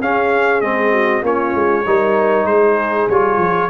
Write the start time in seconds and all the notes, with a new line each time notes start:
0.00 C#4 G#4 F5
0.61 G#3 C4 D#5
0.91 F#4
1.22 A#3 C#4 F4 C#5
1.54 G#3
1.86 G3 D#4 A#4
2.45 G#3 G#4 C5
3.09 G3 F4 C#5
3.37 F3